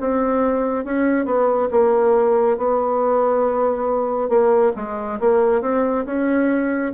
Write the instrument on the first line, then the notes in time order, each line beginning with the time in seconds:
bassoon
0.00 C4
0.84 C#4
1.25 B3
1.71 A#3
2.57 B3
4.28 A#3
4.75 G#3
5.20 A#3
5.61 C4
6.05 C#4